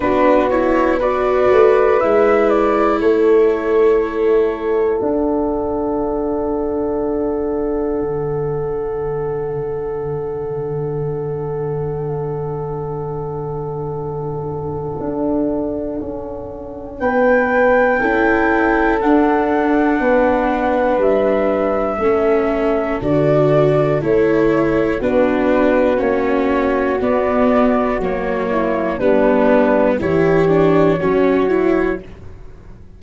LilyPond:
<<
  \new Staff \with { instrumentName = "flute" } { \time 4/4 \tempo 4 = 60 b'8 cis''8 d''4 e''8 d''8 cis''4~ | cis''4 fis''2.~ | fis''1~ | fis''1~ |
fis''4 g''2 fis''4~ | fis''4 e''2 d''4 | cis''4 b'4 cis''4 d''4 | cis''4 b'4 cis''2 | }
  \new Staff \with { instrumentName = "horn" } { \time 4/4 fis'4 b'2 a'4~ | a'1~ | a'1~ | a'1~ |
a'4 b'4 a'2 | b'2 a'2~ | a'4 fis'2.~ | fis'8 e'8 d'4 g'4 fis'4 | }
  \new Staff \with { instrumentName = "viola" } { \time 4/4 d'8 e'8 fis'4 e'2~ | e'4 d'2.~ | d'1~ | d'1~ |
d'2 e'4 d'4~ | d'2 cis'4 fis'4 | e'4 d'4 cis'4 b4 | ais4 b4 e'8 d'8 cis'8 e'8 | }
  \new Staff \with { instrumentName = "tuba" } { \time 4/4 b4. a8 gis4 a4~ | a4 d'2. | d1~ | d2. d'4 |
cis'4 b4 cis'4 d'4 | b4 g4 a4 d4 | a4 b4 ais4 b4 | fis4 g4 e4 fis4 | }
>>